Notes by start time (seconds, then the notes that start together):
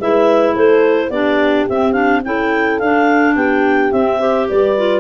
0.00 G#3 E4 B4 E5
0.54 A3 A4 C5
1.10 B3 D4 G4 D5
1.69 C4 E5
1.92 D4 F5
2.24 C#4 E4 A4 G5
2.79 D4 F5
3.36 B3 G4 G5
3.92 C4 E5
4.19 G4 C5
4.49 G3 B4 D5
4.77 F4